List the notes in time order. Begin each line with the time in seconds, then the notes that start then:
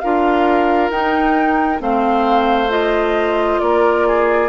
0.00 D4 F4 A#4 F5
0.90 D#4 G5
1.79 A3 C4 C5 F5
2.69 F4 D#5
3.60 A#3 A#4 D5
4.08 G#4